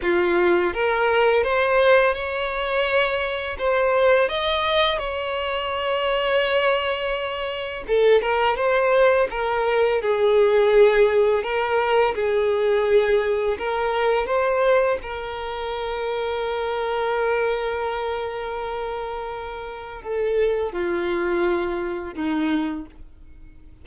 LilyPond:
\new Staff \with { instrumentName = "violin" } { \time 4/4 \tempo 4 = 84 f'4 ais'4 c''4 cis''4~ | cis''4 c''4 dis''4 cis''4~ | cis''2. a'8 ais'8 | c''4 ais'4 gis'2 |
ais'4 gis'2 ais'4 | c''4 ais'2.~ | ais'1 | a'4 f'2 dis'4 | }